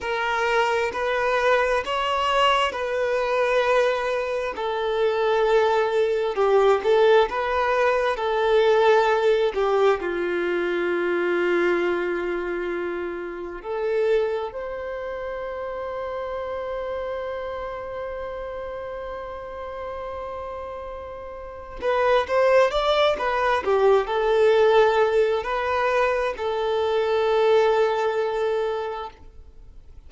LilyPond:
\new Staff \with { instrumentName = "violin" } { \time 4/4 \tempo 4 = 66 ais'4 b'4 cis''4 b'4~ | b'4 a'2 g'8 a'8 | b'4 a'4. g'8 f'4~ | f'2. a'4 |
c''1~ | c''1 | b'8 c''8 d''8 b'8 g'8 a'4. | b'4 a'2. | }